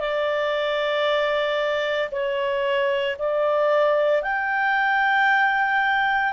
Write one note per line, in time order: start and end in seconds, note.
0.00 2.11 D5
2.11 3.17 C#5
3.19 4.23 D5
4.23 6.33 G5